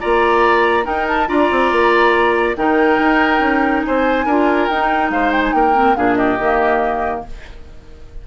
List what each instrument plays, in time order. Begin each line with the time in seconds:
0.00 bassoon A#3, clarinet F4, oboe D5, flute A#5
0.83 clarinet D#4, bassoon D#4, oboe A#4, flute G5
1.07 flute A5
1.27 bassoon D4, clarinet F4, oboe D5, flute A#5
1.51 bassoon C4
1.71 bassoon A#3
2.56 bassoon D#3, clarinet D#4, oboe A#4, flute G5
2.98 bassoon D#4
3.40 bassoon C#4
3.84 bassoon C4, oboe C5, flute G#5
4.25 bassoon D4, clarinet F4, oboe A#4
4.67 bassoon D#4, clarinet D#4, flute G5
5.10 bassoon G#3, oboe C5, flute F5
5.31 flute G5
5.43 flute G#5
5.53 bassoon A#3, oboe A#4, flute G5
5.74 clarinet C4
5.95 bassoon A#2, clarinet D4, oboe G#4, flute F5
6.15 oboe G4, flute D#5
6.39 bassoon D#3, clarinet A#3